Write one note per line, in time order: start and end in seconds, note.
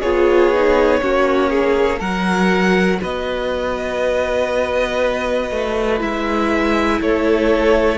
0.00 1.01 B3
0.00 0.54 F4
0.00 1.00 G#4
0.00 2.00 C#5
0.54 1.01 D#4
1.01 2.00 A#3
1.01 1.99 C#4
1.01 1.50 F#4
1.50 1.99 G#4
1.99 3.00 F#3
1.99 5.99 F#4
1.99 2.99 A#4
1.99 3.00 F#5
3.01 5.51 B3
3.01 7.01 B4
3.01 6.01 D#5
5.51 6.01 A3
5.99 7.01 G#3
5.99 7.98 E4
5.99 7.01 E5
7.01 7.98 A3
7.01 7.98 A4
7.01 7.98 C#5